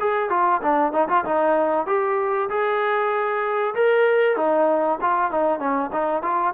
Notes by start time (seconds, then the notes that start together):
0.00 G#4
0.30 F4
0.62 D4
0.93 D#4
1.09 F4
1.25 D#4
1.86 G4
2.49 G#4
3.75 A#4
4.36 D#4
5.01 F4
5.31 D#4
5.59 C#4
5.93 D#4
6.22 F4